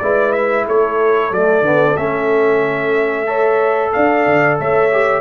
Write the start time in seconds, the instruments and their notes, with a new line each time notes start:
0.00 tuba G#3, trombone E4, horn B4, trumpet D5
0.33 trumpet E5
0.67 tuba A3, horn A4, trumpet C#5
1.31 tuba F#3, trombone A3, trumpet D5
1.62 tuba D3, trombone B3
1.97 tuba A3, trombone C#4, trumpet E5
3.27 trombone A4, horn C#5
3.93 tuba D4, horn D5, trumpet F5
4.27 tuba D3
4.60 tuba A3, horn C#5, trumpet E5
4.92 trombone G4